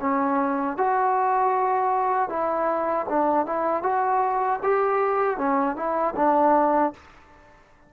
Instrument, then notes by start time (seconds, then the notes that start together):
trombone
0.00 C#4
0.77 F#4
2.29 E4
3.09 D4
3.46 E4
3.83 F#4
4.63 G4
5.38 C#4
5.76 E4
6.16 D4